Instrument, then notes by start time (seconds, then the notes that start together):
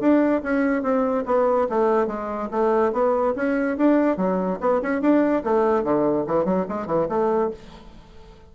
bassoon
0.00 D4
0.43 C#4
0.83 C4
1.26 B3
1.69 A3
2.07 G#3
2.51 A3
2.92 B3
3.36 C#4
3.77 D4
4.17 F#3
4.61 B3
4.82 C#4
5.01 D4
5.44 A3
5.84 D3
6.27 E3
6.45 F#3
6.68 G#3
6.87 E3
7.09 A3